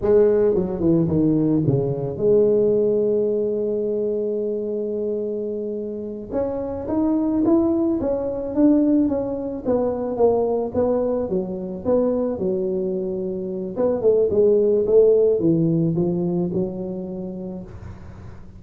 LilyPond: \new Staff \with { instrumentName = "tuba" } { \time 4/4 \tempo 4 = 109 gis4 fis8 e8 dis4 cis4 | gis1~ | gis2.~ gis8 cis'8~ | cis'8 dis'4 e'4 cis'4 d'8~ |
d'8 cis'4 b4 ais4 b8~ | b8 fis4 b4 fis4.~ | fis4 b8 a8 gis4 a4 | e4 f4 fis2 | }